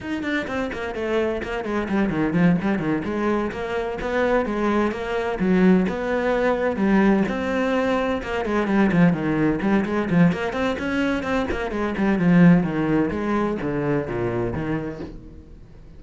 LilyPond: \new Staff \with { instrumentName = "cello" } { \time 4/4 \tempo 4 = 128 dis'8 d'8 c'8 ais8 a4 ais8 gis8 | g8 dis8 f8 g8 dis8 gis4 ais8~ | ais8 b4 gis4 ais4 fis8~ | fis8 b2 g4 c'8~ |
c'4. ais8 gis8 g8 f8 dis8~ | dis8 g8 gis8 f8 ais8 c'8 cis'4 | c'8 ais8 gis8 g8 f4 dis4 | gis4 d4 ais,4 dis4 | }